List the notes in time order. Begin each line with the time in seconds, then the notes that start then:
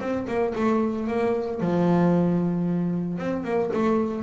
0.00 C4
0.28 A#3
0.55 A3
1.07 A#3
1.60 F3
3.18 C4
3.44 A#3
3.74 A3